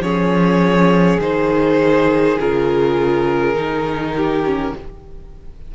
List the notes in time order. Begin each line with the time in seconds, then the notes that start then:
0.00 F3 C#4 G#4 C#5
1.19 D#3 D#4 C5
2.39 C#3 F4 A#4
3.54 D#3 D#4
4.16 G4
4.45 C#4